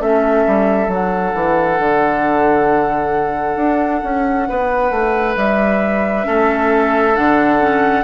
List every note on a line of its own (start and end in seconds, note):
0.00 0.45 A3
0.00 0.89 C#4
0.00 4.48 A4
0.00 0.90 E5
0.46 0.88 G3
0.88 1.32 F#3
0.88 6.23 D4
0.88 5.37 F#5
1.34 1.79 E3
1.79 3.56 D3
3.56 4.01 D4
4.04 4.48 C#4
4.48 4.90 B3
4.48 6.27 B4
4.90 5.35 A3
5.36 6.26 G3
5.36 7.16 E5
6.23 7.17 A3
6.23 7.13 C#4
6.23 8.04 A4
7.15 8.04 D3
7.15 7.60 D4
7.15 8.04 F#5
7.60 8.04 C#4